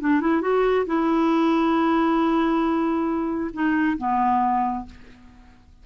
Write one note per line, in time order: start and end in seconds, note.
0.00 0.21 D4
0.21 0.42 E4
0.42 0.86 F#4
0.86 3.51 E4
3.53 3.97 D#4
3.98 4.86 B3